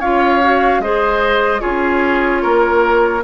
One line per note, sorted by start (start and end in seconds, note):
0.00 0.80 C#4
0.00 0.42 F4
0.00 0.81 C#5
0.00 0.82 F5
0.42 0.83 F#4
0.80 1.61 G#3
0.80 1.59 G#4
0.80 1.61 C5
0.80 1.61 D#5
1.59 2.44 C#4
1.59 3.22 F4
1.59 2.43 G#4
1.59 3.23 C#5
2.43 3.24 A#3
2.43 3.24 A#4